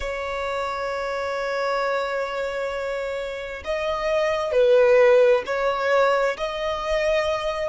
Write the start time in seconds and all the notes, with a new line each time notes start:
0.00 C#5
3.64 D#5
4.52 B4
5.45 C#5
6.37 D#5